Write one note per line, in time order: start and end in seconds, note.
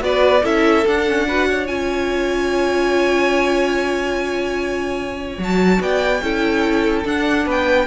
0.00 0.42 B3
0.00 0.41 F#4
0.00 0.43 B4
0.00 0.46 D5
0.43 0.85 C#4
0.43 0.85 E4
0.43 1.26 A4
0.43 0.87 E5
0.86 1.07 D4
0.86 1.69 D4
0.86 1.67 F#5
1.08 1.27 C#4
1.27 1.67 F#4
1.27 1.49 B4
1.49 5.80 C#5
1.67 5.38 C#4
1.67 5.38 F4
1.67 5.40 G#5
5.38 5.79 F#3
5.38 6.21 F#4
5.38 5.82 A5
5.80 6.21 B3
5.80 6.22 D5
5.80 7.06 G5
6.21 7.04 C#4
6.21 7.05 E4
6.21 7.45 A4
7.05 7.87 D4
7.05 7.46 D4
7.05 7.49 F#5
7.45 7.87 B3
7.45 7.86 B4
7.51 7.87 G5